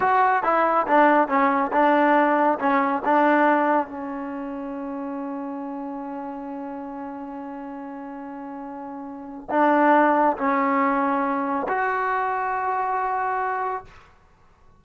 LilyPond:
\new Staff \with { instrumentName = "trombone" } { \time 4/4 \tempo 4 = 139 fis'4 e'4 d'4 cis'4 | d'2 cis'4 d'4~ | d'4 cis'2.~ | cis'1~ |
cis'1~ | cis'2 d'2 | cis'2. fis'4~ | fis'1 | }